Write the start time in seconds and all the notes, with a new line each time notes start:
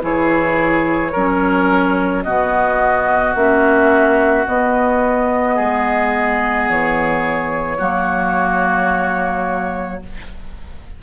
0.00 E3 E4 G#4 C#5
1.12 F#3 C#4 A#4
2.23 B2 B3 F#4 D#5
3.35 A#3 C#4 E5
4.45 B3 D#5
5.55 G#3 G#4
6.69 E3 C#5
7.78 F#3 A#3 F#4